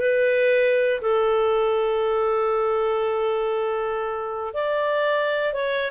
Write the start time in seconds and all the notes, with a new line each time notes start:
0.00 B4
1.01 A4
4.54 D5
5.53 C#5